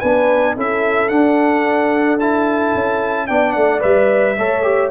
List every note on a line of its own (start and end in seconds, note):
0.00 0.57 B3
0.00 0.57 D4
0.00 0.55 B4
0.00 0.55 G#5
0.55 1.11 C#4
0.55 1.10 E4
0.55 3.27 A4
0.55 1.09 E5
1.09 2.19 D4
1.09 2.74 D4
1.09 2.18 F#5
2.19 3.28 E4
2.19 3.27 A5
2.75 3.29 C#4
3.27 3.56 B3
3.27 3.80 D4
3.27 4.36 D5
3.27 3.52 G5
3.52 3.83 A3
3.52 3.80 F#5
3.80 4.38 G3
3.80 4.35 B4
3.80 4.91 E5
4.38 4.91 A3
4.38 4.63 A4
4.38 4.91 C#5
4.63 4.90 G4